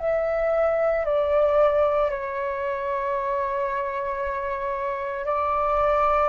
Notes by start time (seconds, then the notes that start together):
0.00 E5
1.06 D5
2.11 C#5
5.26 D5